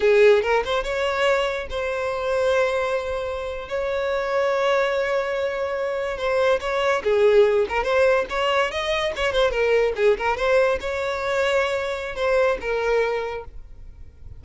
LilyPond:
\new Staff \with { instrumentName = "violin" } { \time 4/4 \tempo 4 = 143 gis'4 ais'8 c''8 cis''2 | c''1~ | c''8. cis''2.~ cis''16~ | cis''2~ cis''8. c''4 cis''16~ |
cis''8. gis'4. ais'8 c''4 cis''16~ | cis''8. dis''4 cis''8 c''8 ais'4 gis'16~ | gis'16 ais'8 c''4 cis''2~ cis''16~ | cis''4 c''4 ais'2 | }